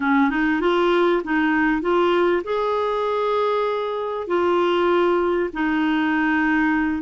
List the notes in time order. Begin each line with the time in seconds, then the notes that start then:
0.00 C#4
0.29 D#4
0.61 F4
1.24 D#4
1.81 F4
2.44 G#4
4.27 F4
5.53 D#4